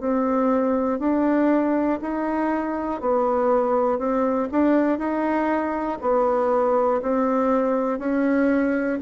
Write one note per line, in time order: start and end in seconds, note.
0.00 0.99 C4
0.99 1.99 D4
2.01 3.00 D#4
3.00 3.98 B3
3.98 4.48 C4
4.51 4.98 D4
4.98 5.98 D#4
6.00 7.00 B3
7.01 7.99 C4
7.99 8.99 C#4